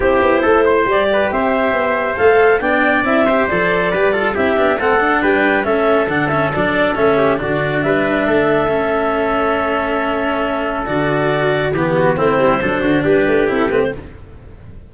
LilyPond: <<
  \new Staff \with { instrumentName = "clarinet" } { \time 4/4 \tempo 4 = 138 c''2 d''4 e''4~ | e''4 f''4 g''4 e''4 | d''2 e''4 fis''4 | g''4 e''4 fis''8 e''8 d''4 |
e''4 d''4 e''2~ | e''1~ | e''4 d''2 g'4 | c''2 b'4 a'8 b'16 c''16 | }
  \new Staff \with { instrumentName = "trumpet" } { \time 4/4 g'4 a'8 c''4 b'8 c''4~ | c''2 d''4. c''8~ | c''4 b'8 a'8 g'4 a'4 | b'4 a'2.~ |
a'8 g'8 fis'4 b'4 a'4~ | a'1~ | a'2. g'8 fis'8 | e'4 a'8 fis'8 g'2 | }
  \new Staff \with { instrumentName = "cello" } { \time 4/4 e'2 g'2~ | g'4 a'4 d'4 e'8 g'8 | a'4 g'8 f'8 e'8 d'8 c'8 d'8~ | d'4 cis'4 d'8 cis'8 d'4 |
cis'4 d'2. | cis'1~ | cis'4 fis'2 b4 | c'4 d'2 e'8 c'8 | }
  \new Staff \with { instrumentName = "tuba" } { \time 4/4 c'8 b8 a4 g4 c'4 | b4 a4 b4 c'4 | f4 g4 c'8 b8 a4 | g4 a4 d4 fis4 |
a4 d4 g4 a4~ | a1~ | a4 d2 e4 | a8 g8 fis8 d8 g8 a8 c'8 a8 | }
>>